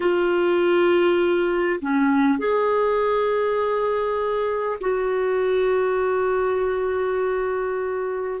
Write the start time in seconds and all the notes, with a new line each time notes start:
0.00 F4
1.81 C#4
2.38 G#4
4.80 F#4